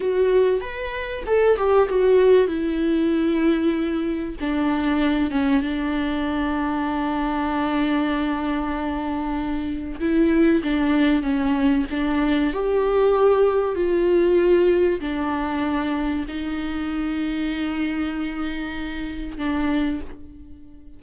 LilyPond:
\new Staff \with { instrumentName = "viola" } { \time 4/4 \tempo 4 = 96 fis'4 b'4 a'8 g'8 fis'4 | e'2. d'4~ | d'8 cis'8 d'2.~ | d'1 |
e'4 d'4 cis'4 d'4 | g'2 f'2 | d'2 dis'2~ | dis'2. d'4 | }